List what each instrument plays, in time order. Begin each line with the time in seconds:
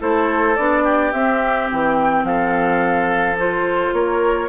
0.00 bassoon A3, clarinet E4, oboe A4, flute C5
0.56 bassoon B3, clarinet D4, flute D5
0.84 oboe G4
1.13 bassoon C4, clarinet C4, flute E5
1.71 bassoon E3, flute G5
2.23 bassoon F3, oboe A4, flute F5
3.38 clarinet F4, flute C5
3.93 bassoon A#3, oboe A#4, flute C#5